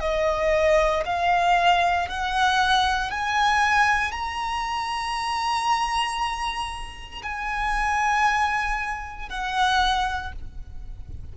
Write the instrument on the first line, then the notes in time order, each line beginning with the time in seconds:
violin
0.00 D#5
1.05 F5
2.08 F#5
3.10 G#5
4.11 A#5
7.23 G#5
9.29 F#5